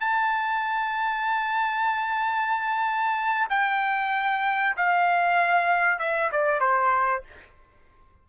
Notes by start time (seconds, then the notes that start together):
0.00 A5
3.49 G5
4.77 F5
5.99 E5
6.32 D5
6.60 C5